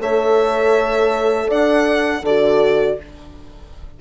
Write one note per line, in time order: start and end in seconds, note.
0.00 1.48 A3
0.00 2.22 A4
0.00 1.48 C#5
0.00 1.50 E5
1.48 2.22 D4
1.48 2.22 D5
1.48 2.25 F#5
2.22 2.96 D3
2.22 3.01 F#4
2.22 2.97 A4
2.22 2.99 D5